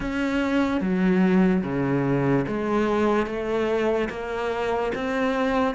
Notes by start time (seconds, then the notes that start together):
0.00 C#4
0.80 F#3
1.63 C#3
2.47 G#3
3.26 A3
4.09 A#3
4.94 C4